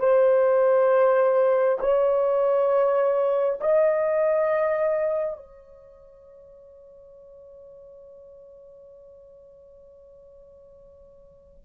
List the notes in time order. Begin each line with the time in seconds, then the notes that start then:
0.00 C5
1.81 C#5
3.61 D#5
5.37 C#5